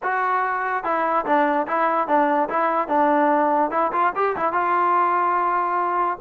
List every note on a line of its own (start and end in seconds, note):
0.02 0.84 F#4
0.84 1.25 E4
1.25 1.67 D4
1.67 2.07 E4
2.07 2.48 D4
2.49 2.88 E4
2.88 3.70 D4
3.70 3.91 E4
3.92 4.13 F4
4.15 4.36 G4
4.36 4.52 E4
4.52 6.18 F4